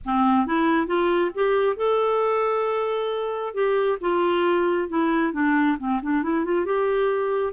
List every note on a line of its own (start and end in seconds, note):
0.05 0.46 C4
0.46 0.86 E4
0.86 1.31 F4
1.34 1.76 G4
1.76 3.54 A4
3.54 3.98 G4
4.01 4.88 F4
4.88 5.33 E4
5.33 5.77 D4
5.78 6.00 C4
6.02 6.22 D4
6.22 6.44 E4
6.44 6.65 F4
6.65 7.53 G4